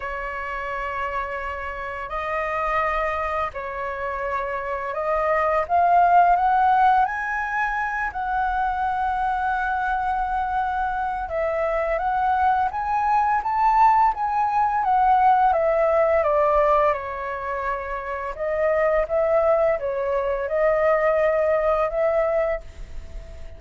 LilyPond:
\new Staff \with { instrumentName = "flute" } { \time 4/4 \tempo 4 = 85 cis''2. dis''4~ | dis''4 cis''2 dis''4 | f''4 fis''4 gis''4. fis''8~ | fis''1 |
e''4 fis''4 gis''4 a''4 | gis''4 fis''4 e''4 d''4 | cis''2 dis''4 e''4 | cis''4 dis''2 e''4 | }